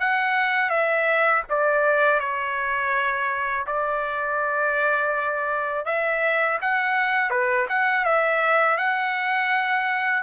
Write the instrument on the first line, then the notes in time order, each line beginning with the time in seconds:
trumpet
0.00 F#5
0.70 E5
1.49 D5
2.20 C#5
3.67 D5
5.86 E5
6.61 F#5
7.30 B4
7.69 F#5
8.05 E5
8.77 F#5